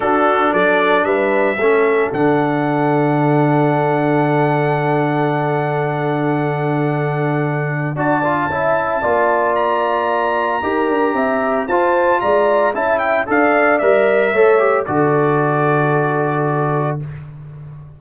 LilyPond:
<<
  \new Staff \with { instrumentName = "trumpet" } { \time 4/4 \tempo 4 = 113 a'4 d''4 e''2 | fis''1~ | fis''1~ | fis''2. a''4~ |
a''2 ais''2~ | ais''2 a''4 ais''4 | a''8 g''8 f''4 e''2 | d''1 | }
  \new Staff \with { instrumentName = "horn" } { \time 4/4 fis'4 a'4 b'4 a'4~ | a'1~ | a'1~ | a'2. d''4 |
e''4 d''2. | ais'4 e''4 c''4 d''4 | e''4 d''2 cis''4 | a'1 | }
  \new Staff \with { instrumentName = "trombone" } { \time 4/4 d'2. cis'4 | d'1~ | d'1~ | d'2. fis'8 f'8 |
e'4 f'2. | g'2 f'2 | e'4 a'4 ais'4 a'8 g'8 | fis'1 | }
  \new Staff \with { instrumentName = "tuba" } { \time 4/4 d'4 fis4 g4 a4 | d1~ | d1~ | d2. d'4 |
cis'4 ais2. | dis'8 d'8 c'4 f'4 gis4 | cis'4 d'4 g4 a4 | d1 | }
>>